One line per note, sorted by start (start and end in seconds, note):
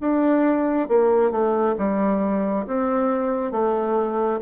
0.00 0.88 D4
0.88 1.31 A#3
1.31 1.75 A3
1.78 2.66 G3
2.67 3.51 C4
3.51 4.40 A3